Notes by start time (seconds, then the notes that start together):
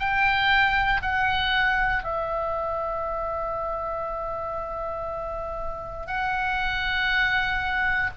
0.00 G5
1.03 F#5
2.04 E5
6.07 F#5